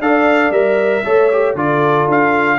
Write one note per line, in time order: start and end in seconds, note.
0.00 0.51 D4
0.00 0.53 A4
0.00 1.05 D5
0.00 0.52 F5
0.51 1.02 G3
0.51 1.05 A#4
0.51 1.56 E5
1.05 1.55 A3
1.05 1.31 A4
1.05 1.56 C#5
1.33 1.57 G4
1.55 2.07 D3
1.55 2.59 F4
1.55 2.59 A4
1.55 2.09 D5
2.08 2.59 D4
2.08 2.59 F5